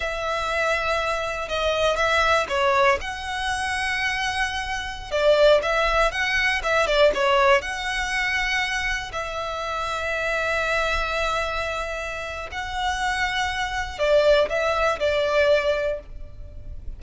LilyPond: \new Staff \with { instrumentName = "violin" } { \time 4/4 \tempo 4 = 120 e''2. dis''4 | e''4 cis''4 fis''2~ | fis''2~ fis''16 d''4 e''8.~ | e''16 fis''4 e''8 d''8 cis''4 fis''8.~ |
fis''2~ fis''16 e''4.~ e''16~ | e''1~ | e''4 fis''2. | d''4 e''4 d''2 | }